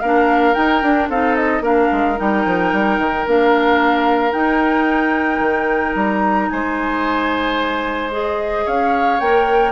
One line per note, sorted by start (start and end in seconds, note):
0.00 0.55 A#3
0.00 0.55 D4
0.00 1.09 A#4
0.00 0.54 F5
0.54 0.82 D#4
0.54 1.08 G5
0.82 1.09 D4
0.82 1.11 D4
1.09 1.60 C4
1.09 1.62 D#4
1.09 1.63 A4
1.09 1.36 F5
1.36 1.63 D#5
1.60 1.87 A#3
1.60 2.16 D4
1.60 6.49 A#4
1.60 2.19 F5
1.92 2.19 G#3
2.16 2.45 G3
2.16 3.24 D#4
2.16 3.27 G5
2.45 2.73 F3
2.73 2.98 G3
2.98 3.25 D#3
3.27 4.33 A#3
3.27 4.31 D4
3.27 4.32 F5
4.31 8.10 D#4
4.31 5.40 D#4
4.31 5.94 G5
5.40 5.94 D#3
5.95 6.49 G3
5.95 6.49 A#5
6.49 8.67 G#3
6.49 8.65 C5
6.49 8.11 G#5
8.11 9.19 G#4
8.11 8.67 D#5
8.65 9.20 C#4
8.65 9.72 C#5
8.65 9.20 F5
9.20 9.72 A#3
9.20 9.72 A#4
9.20 9.72 G5